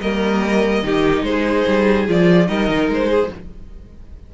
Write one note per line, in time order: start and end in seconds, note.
0.00 0.82 G3
0.00 0.83 A#3
0.00 0.84 A#4
0.00 1.24 D#5
0.82 1.22 D#3
0.82 2.06 D#4
0.82 1.25 G4
1.22 1.63 G#3
1.22 2.48 G#4
1.22 2.06 C5
1.67 2.08 G3
2.08 2.48 F3
2.08 2.47 F4
2.08 2.47 D5
2.47 2.68 G3
2.47 3.29 D#4
2.47 3.09 A#4
2.47 2.88 D#5
2.68 2.88 D#3
2.88 3.29 G#3
2.88 3.34 C5
3.09 3.29 G#4